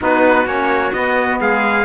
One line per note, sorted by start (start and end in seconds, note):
0.00 0.45 B3
0.00 0.45 D#4
0.00 1.41 F#4
0.00 0.47 B4
0.45 0.91 A#3
0.45 0.92 C#4
0.45 0.92 C#5
0.92 1.40 B3
0.92 1.85 B3
0.92 1.39 D#5
1.40 1.85 G#3
1.40 1.85 G#4
1.40 1.85 F5